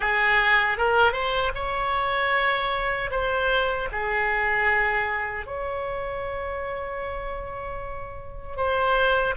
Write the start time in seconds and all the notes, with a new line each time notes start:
0.00 G#4
0.77 A#4
1.12 C5
1.54 C#5
3.10 C5
3.92 G#4
5.46 C#5
8.56 C5